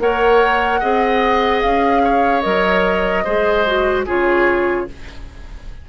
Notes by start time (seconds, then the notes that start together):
0.00 A#3 A#4 C#5 F#5
0.81 C4 G#4 D#5
1.62 C#4 F5
2.04 C#5
2.42 F#3 A#4 D#5
3.25 G#3 G#4 C5
3.67 F#4
4.06 C#3 F4 G#4 C#5